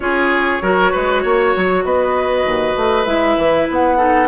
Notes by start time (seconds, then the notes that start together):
0.00 C#4 F4 G#4 C#5
0.61 F#3 F#4 A#4
0.91 G#3 B4
1.22 A#3 C#5
1.56 F#3
1.84 B3 B4 D#5
2.45 D#2
2.76 A3
3.05 G#3 E4 E5
3.37 E3
3.70 B3 F#5
3.97 D#4 A4